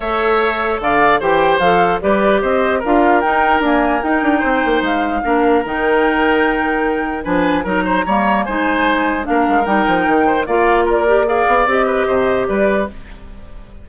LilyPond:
<<
  \new Staff \with { instrumentName = "flute" } { \time 4/4 \tempo 4 = 149 e''2 f''4 g''4 | f''4 d''4 dis''4 f''4 | g''4 gis''4 g''2 | f''2 g''2~ |
g''2 gis''4 ais''4~ | ais''4 gis''2 f''4 | g''2 f''4 d''4 | f''4 dis''2 d''4 | }
  \new Staff \with { instrumentName = "oboe" } { \time 4/4 cis''2 d''4 c''4~ | c''4 b'4 c''4 ais'4~ | ais'2. c''4~ | c''4 ais'2.~ |
ais'2 b'4 ais'8 c''8 | cis''4 c''2 ais'4~ | ais'4. c''8 d''4 ais'4 | d''4. b'8 c''4 b'4 | }
  \new Staff \with { instrumentName = "clarinet" } { \time 4/4 a'2. g'4 | a'4 g'2 f'4 | dis'4 ais4 dis'2~ | dis'4 d'4 dis'2~ |
dis'2 d'4 dis'4 | ais4 dis'2 d'4 | dis'2 f'4. g'8 | gis'4 g'2. | }
  \new Staff \with { instrumentName = "bassoon" } { \time 4/4 a2 d4 e4 | f4 g4 c'4 d'4 | dis'4 d'4 dis'8 d'8 c'8 ais8 | gis4 ais4 dis2~ |
dis2 f4 fis4 | g4 gis2 ais8 gis8 | g8 f8 dis4 ais2~ | ais8 b8 c'4 c4 g4 | }
>>